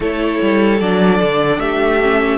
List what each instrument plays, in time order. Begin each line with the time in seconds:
0.00 cello A3, viola E4, violin A4 C#5
0.42 cello G3
0.80 cello F#3, viola D4, violin D5
1.22 cello D3
1.58 cello A3, violin G4 E5
2.01 viola C#4